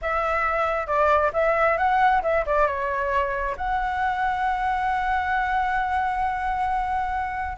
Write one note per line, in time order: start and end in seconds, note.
0.01 0.86 E5
0.86 1.31 D5
1.33 1.77 E5
1.77 2.22 F#5
2.22 2.44 E5
2.46 2.66 D5
2.66 3.55 C#5
3.57 7.57 F#5